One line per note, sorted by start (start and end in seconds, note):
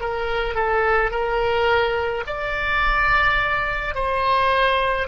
0.00 0.55 A#4
0.55 1.10 A4
1.10 2.23 A#4
2.26 3.95 D5
3.95 5.07 C5